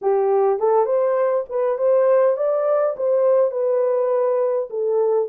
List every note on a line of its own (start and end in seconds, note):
0.01 0.59 G4
0.59 0.85 A4
0.85 1.44 C5
1.49 1.78 B4
1.78 2.36 C5
2.37 2.95 D5
2.96 3.51 C5
3.51 4.68 B4
4.70 5.28 A4